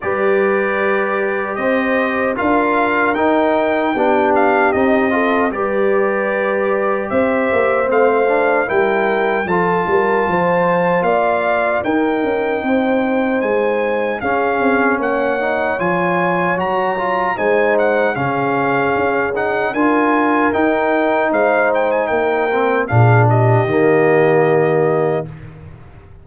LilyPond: <<
  \new Staff \with { instrumentName = "trumpet" } { \time 4/4 \tempo 4 = 76 d''2 dis''4 f''4 | g''4. f''8 dis''4 d''4~ | d''4 e''4 f''4 g''4 | a''2 f''4 g''4~ |
g''4 gis''4 f''4 fis''4 | gis''4 ais''4 gis''8 fis''8 f''4~ | f''8 fis''8 gis''4 g''4 f''8 g''16 gis''16 | g''4 f''8 dis''2~ dis''8 | }
  \new Staff \with { instrumentName = "horn" } { \time 4/4 b'2 c''4 ais'4~ | ais'4 g'4. a'8 b'4~ | b'4 c''2 ais'4 | a'8 ais'8 c''4 d''4 ais'4 |
c''2 gis'4 cis''4~ | cis''2 c''4 gis'4~ | gis'4 ais'2 c''4 | ais'4 gis'8 g'2~ g'8 | }
  \new Staff \with { instrumentName = "trombone" } { \time 4/4 g'2. f'4 | dis'4 d'4 dis'8 f'8 g'4~ | g'2 c'8 d'8 e'4 | f'2. dis'4~ |
dis'2 cis'4. dis'8 | f'4 fis'8 f'8 dis'4 cis'4~ | cis'8 dis'8 f'4 dis'2~ | dis'8 c'8 d'4 ais2 | }
  \new Staff \with { instrumentName = "tuba" } { \time 4/4 g2 c'4 d'4 | dis'4 b4 c'4 g4~ | g4 c'8 ais8 a4 g4 | f8 g8 f4 ais4 dis'8 cis'8 |
c'4 gis4 cis'8 c'8 ais4 | f4 fis4 gis4 cis4 | cis'4 d'4 dis'4 gis4 | ais4 ais,4 dis2 | }
>>